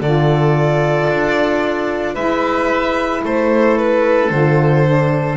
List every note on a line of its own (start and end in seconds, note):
0.00 1.07 D3
0.00 2.16 F4
0.00 2.14 A4
0.00 2.15 D5
1.09 2.16 D4
2.14 3.23 G#3
2.14 4.30 E4
2.14 3.21 B4
2.14 3.22 E5
3.23 4.30 A3
3.23 5.36 A4
3.23 3.77 C5
3.77 4.30 B4
4.30 5.36 D3
4.30 4.85 F4
4.30 5.36 C5
4.85 5.36 D4